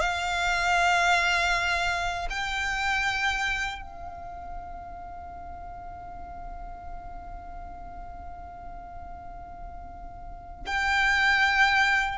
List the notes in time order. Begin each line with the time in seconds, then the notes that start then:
0.00 F5
2.30 G5
3.82 F5
10.66 G5